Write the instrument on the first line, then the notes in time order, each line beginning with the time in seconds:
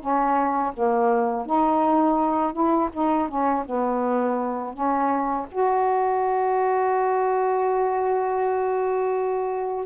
saxophone
0.00 C#4
0.74 A#3
1.46 D#4
2.53 E4
2.93 D#4
3.29 C#4
3.66 B3
4.74 C#4
5.51 F#4